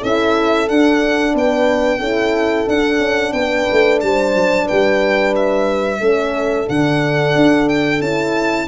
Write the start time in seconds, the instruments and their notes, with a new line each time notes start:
0.00 tuba C#4, horn E4 A4, violin E5
0.69 tuba D4, horn D4, violin F#5
1.34 tuba B3, horn B4, violin G5
1.99 tuba C#4, horn E4 A4
2.68 tuba D4, horn D4, violin F#5
2.99 tuba C#4
3.33 tuba B3, horn B4, violin G5
3.72 tuba A3
4.01 tuba G3, horn C5, violin A5
4.35 tuba F#3
4.65 tuba G3, horn B4, violin G5
5.36 violin E5
6.00 tuba A3, horn C#4 A4
6.65 tuba D3, horn D4, violin F#5
7.36 tuba D4
7.69 violin G5
8.00 tuba C#4, horn E4, violin A5